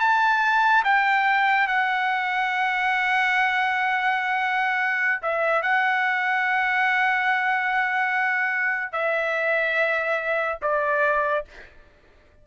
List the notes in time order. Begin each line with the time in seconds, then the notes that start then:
0.00 A5
0.84 G5
1.67 F#5
5.22 E5
5.62 F#5
8.92 E5
10.62 D5